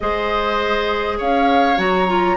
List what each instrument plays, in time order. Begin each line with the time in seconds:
0.00 bassoon G#3, clarinet G#4, oboe C5, flute D#5
1.17 bassoon C#4, oboe C#5, flute F5
1.76 bassoon F#3, clarinet F#4, flute A#5
2.07 clarinet F4